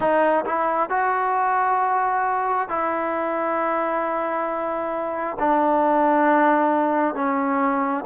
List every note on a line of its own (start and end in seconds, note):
0.00 0.44 D#4
0.45 0.89 E4
0.89 2.68 F#4
2.68 5.37 E4
5.39 7.14 D4
7.14 8.04 C#4